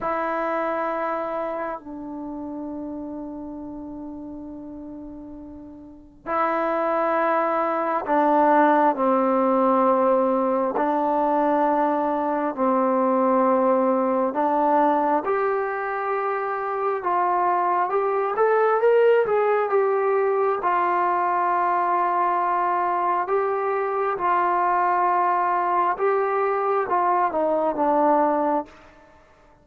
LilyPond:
\new Staff \with { instrumentName = "trombone" } { \time 4/4 \tempo 4 = 67 e'2 d'2~ | d'2. e'4~ | e'4 d'4 c'2 | d'2 c'2 |
d'4 g'2 f'4 | g'8 a'8 ais'8 gis'8 g'4 f'4~ | f'2 g'4 f'4~ | f'4 g'4 f'8 dis'8 d'4 | }